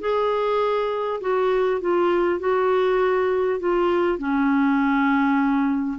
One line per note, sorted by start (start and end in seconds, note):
0.00 1.20 G#4
1.21 1.80 F#4
1.80 2.39 F4
2.39 3.59 F#4
3.59 4.18 F4
4.18 5.98 C#4